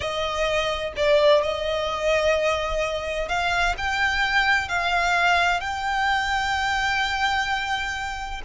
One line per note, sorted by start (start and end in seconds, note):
0.00 0.93 D#5
0.96 1.42 D5
1.42 3.28 D#5
3.28 3.75 F5
3.77 4.68 G5
4.68 5.60 F5
5.60 8.41 G5